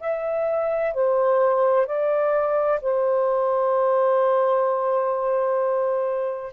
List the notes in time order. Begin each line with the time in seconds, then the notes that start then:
0.00 E5
0.94 C5
1.86 D5
2.81 C5